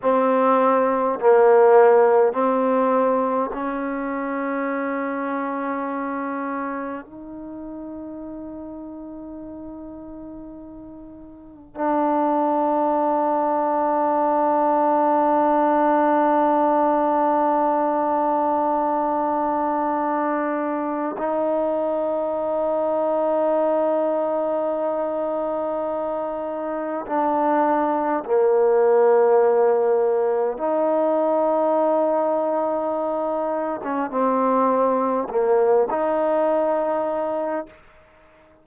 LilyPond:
\new Staff \with { instrumentName = "trombone" } { \time 4/4 \tempo 4 = 51 c'4 ais4 c'4 cis'4~ | cis'2 dis'2~ | dis'2 d'2~ | d'1~ |
d'2 dis'2~ | dis'2. d'4 | ais2 dis'2~ | dis'8. cis'16 c'4 ais8 dis'4. | }